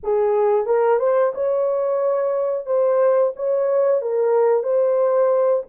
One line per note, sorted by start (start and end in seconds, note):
0.03 0.65 G#4
0.65 0.99 A#4
0.99 1.32 C5
1.34 2.66 C#5
2.66 3.32 C5
3.36 4.01 C#5
4.01 4.63 A#4
4.63 5.63 C5